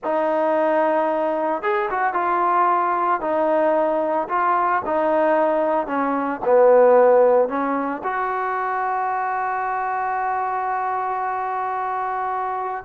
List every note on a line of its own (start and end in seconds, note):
0.04 1.62 D#4
1.62 1.89 G#4
1.90 2.13 F#4
2.13 3.20 F4
3.20 4.27 D#4
4.28 4.82 F4
4.85 5.87 D#4
5.87 6.40 C#4
6.44 7.48 B3
7.48 8.02 C#4
8.03 12.84 F#4